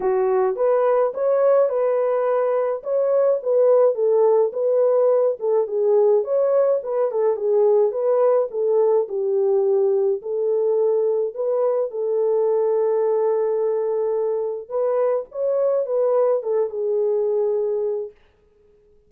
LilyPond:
\new Staff \with { instrumentName = "horn" } { \time 4/4 \tempo 4 = 106 fis'4 b'4 cis''4 b'4~ | b'4 cis''4 b'4 a'4 | b'4. a'8 gis'4 cis''4 | b'8 a'8 gis'4 b'4 a'4 |
g'2 a'2 | b'4 a'2.~ | a'2 b'4 cis''4 | b'4 a'8 gis'2~ gis'8 | }